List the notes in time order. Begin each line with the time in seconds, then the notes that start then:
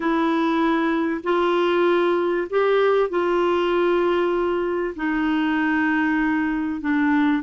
0.00 E4
1.23 F4
2.50 G4
3.09 F4
4.96 D#4
6.80 D4